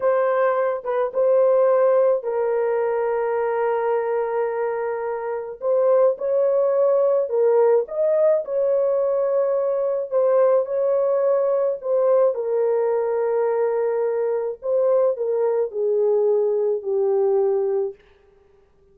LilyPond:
\new Staff \with { instrumentName = "horn" } { \time 4/4 \tempo 4 = 107 c''4. b'8 c''2 | ais'1~ | ais'2 c''4 cis''4~ | cis''4 ais'4 dis''4 cis''4~ |
cis''2 c''4 cis''4~ | cis''4 c''4 ais'2~ | ais'2 c''4 ais'4 | gis'2 g'2 | }